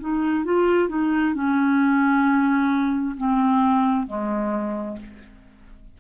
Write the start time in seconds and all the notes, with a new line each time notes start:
0.00 D#4
0.44 F4
0.88 D#4
1.34 C#4
3.17 C4
4.07 G#3